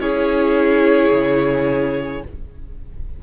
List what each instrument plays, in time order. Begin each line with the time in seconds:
0.00 cello C#4, viola E4, violin G#4 C#5
1.11 cello C#3